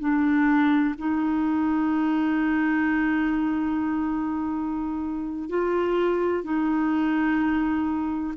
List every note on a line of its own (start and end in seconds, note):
0.00 0.95 D4
0.99 5.50 D#4
5.50 6.44 F4
6.44 8.35 D#4